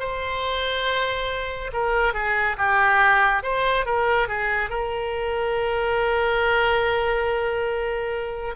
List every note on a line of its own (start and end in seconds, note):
0.00 1.71 C5
1.73 2.14 A#4
2.14 2.57 G#4
2.58 3.43 G4
3.43 3.86 C5
3.86 4.28 A#4
4.28 4.70 G#4
4.70 8.56 A#4